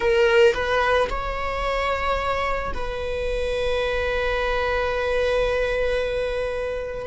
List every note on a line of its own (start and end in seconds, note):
0.00 0.53 A#4
0.53 1.08 B4
1.09 2.73 C#5
2.73 7.07 B4